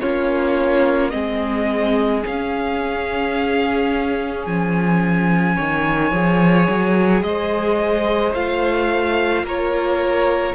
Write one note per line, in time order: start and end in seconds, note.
0.00 1.13 A#3
0.00 1.11 C#4
0.00 1.11 F4
0.00 1.09 C#5
1.09 2.24 G#3
1.09 2.22 C4
1.09 5.56 G#4
1.09 2.21 D#5
2.23 6.11 C#4
2.23 4.46 C#4
2.23 4.46 F5
4.46 5.57 F3
4.46 7.23 G#5
5.56 6.12 D#3
5.56 7.22 C#5
6.11 6.67 F3
6.11 8.34 G#4
6.69 7.22 F#3
7.22 8.33 G#3
7.22 9.44 C5
7.22 8.34 D#5
8.34 9.43 A3
8.34 10.55 F4
8.34 9.45 F5
9.43 10.54 A#3
9.43 10.55 A#4
9.43 10.55 C#5